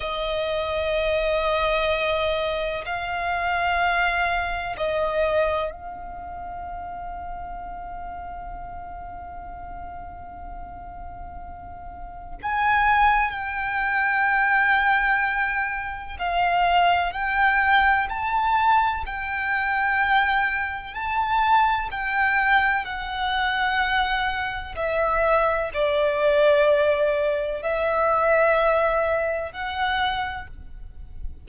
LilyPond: \new Staff \with { instrumentName = "violin" } { \time 4/4 \tempo 4 = 63 dis''2. f''4~ | f''4 dis''4 f''2~ | f''1~ | f''4 gis''4 g''2~ |
g''4 f''4 g''4 a''4 | g''2 a''4 g''4 | fis''2 e''4 d''4~ | d''4 e''2 fis''4 | }